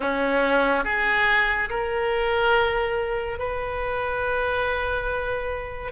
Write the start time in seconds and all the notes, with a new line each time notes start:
0.00 C#4
0.84 G#4
1.69 A#4
3.38 B4